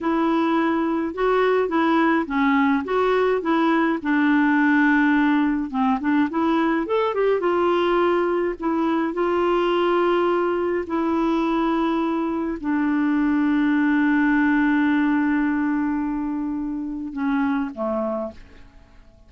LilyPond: \new Staff \with { instrumentName = "clarinet" } { \time 4/4 \tempo 4 = 105 e'2 fis'4 e'4 | cis'4 fis'4 e'4 d'4~ | d'2 c'8 d'8 e'4 | a'8 g'8 f'2 e'4 |
f'2. e'4~ | e'2 d'2~ | d'1~ | d'2 cis'4 a4 | }